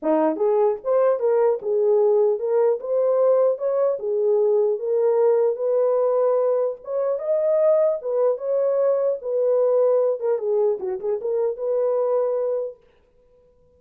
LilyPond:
\new Staff \with { instrumentName = "horn" } { \time 4/4 \tempo 4 = 150 dis'4 gis'4 c''4 ais'4 | gis'2 ais'4 c''4~ | c''4 cis''4 gis'2 | ais'2 b'2~ |
b'4 cis''4 dis''2 | b'4 cis''2 b'4~ | b'4. ais'8 gis'4 fis'8 gis'8 | ais'4 b'2. | }